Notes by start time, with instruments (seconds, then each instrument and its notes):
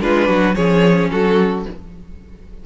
0.00 cello G#3, viola D4, violin F4 B4
0.28 cello F#3, violin F#4
0.55 cello F3, viola C#4, violin G#4 C#5
1.11 cello F#3, violin F#4 A4